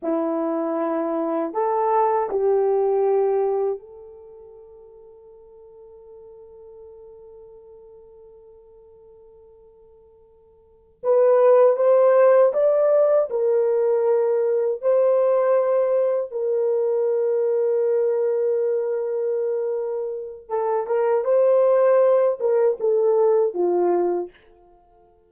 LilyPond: \new Staff \with { instrumentName = "horn" } { \time 4/4 \tempo 4 = 79 e'2 a'4 g'4~ | g'4 a'2.~ | a'1~ | a'2~ a'8 b'4 c''8~ |
c''8 d''4 ais'2 c''8~ | c''4. ais'2~ ais'8~ | ais'2. a'8 ais'8 | c''4. ais'8 a'4 f'4 | }